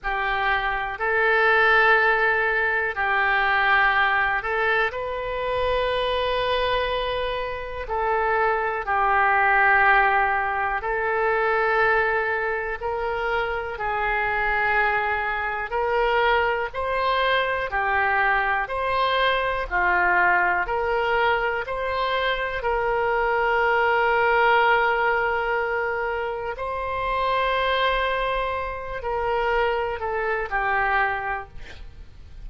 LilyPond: \new Staff \with { instrumentName = "oboe" } { \time 4/4 \tempo 4 = 61 g'4 a'2 g'4~ | g'8 a'8 b'2. | a'4 g'2 a'4~ | a'4 ais'4 gis'2 |
ais'4 c''4 g'4 c''4 | f'4 ais'4 c''4 ais'4~ | ais'2. c''4~ | c''4. ais'4 a'8 g'4 | }